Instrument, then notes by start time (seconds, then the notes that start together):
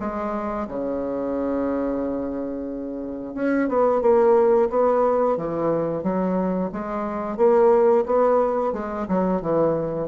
bassoon
0.00 G#3
0.68 C#3
3.35 C#4
3.69 B3
4.01 A#3
4.70 B3
5.37 E3
6.03 F#3
6.72 G#3
7.37 A#3
8.06 B3
8.73 G#3
9.08 F#3
9.41 E3